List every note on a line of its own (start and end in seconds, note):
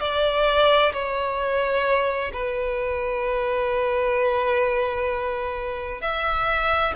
0.00 0.92 D5
0.93 2.32 C#5
2.33 6.02 B4
6.02 6.94 E5